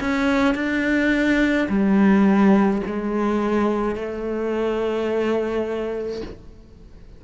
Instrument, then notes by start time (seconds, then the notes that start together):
cello
0.00 C#4
0.55 D4
1.69 G3
2.86 G#3
3.96 A3